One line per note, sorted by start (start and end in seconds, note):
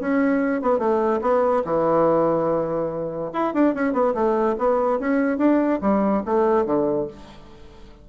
0.00 0.62 C#4
0.62 0.79 B3
0.79 1.20 A3
1.21 1.63 B3
1.64 3.31 E3
3.33 3.54 E4
3.54 3.74 D4
3.75 3.93 C#4
3.93 4.14 B3
4.14 4.56 A3
4.58 4.99 B3
4.99 5.38 C#4
5.38 5.80 D4
5.81 6.23 G3
6.25 6.66 A3
6.66 7.07 D3